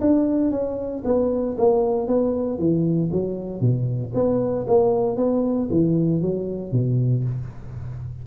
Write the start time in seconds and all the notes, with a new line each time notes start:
0.00 D4
0.51 C#4
1.04 B3
1.57 A#3
2.07 B3
2.58 E3
3.11 F#3
3.60 B2
4.14 B3
4.67 A#3
5.16 B3
5.70 E3
6.21 F#3
6.71 B2